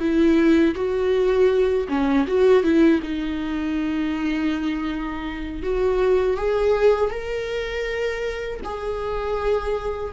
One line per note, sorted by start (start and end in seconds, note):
0.00 0.75 E4
0.75 1.88 F#4
1.89 2.26 C#4
2.28 2.64 F#4
2.64 3.01 E4
3.03 5.63 D#4
5.63 6.38 F#4
6.38 7.11 G#4
7.11 8.61 A#4
8.65 10.14 G#4